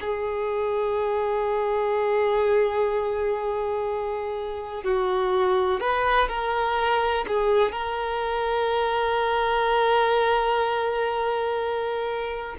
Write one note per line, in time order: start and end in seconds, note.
0.00 4.83 G#4
4.83 5.80 F#4
5.80 6.28 B4
6.28 7.25 A#4
7.27 7.72 G#4
7.72 12.55 A#4